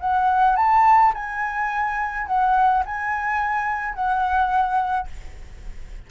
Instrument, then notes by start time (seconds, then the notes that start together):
flute
0.00 F#5
0.56 A5
1.14 G#5
2.27 F#5
2.86 G#5
3.94 F#5